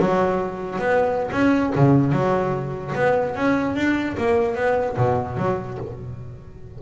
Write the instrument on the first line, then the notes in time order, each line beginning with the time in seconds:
double bass
0.00 F#3
0.79 B3
1.32 C#4
1.76 C#3
2.13 F#3
2.95 B3
3.36 C#4
3.76 D4
4.18 A#3
4.55 B3
4.97 B2
5.38 F#3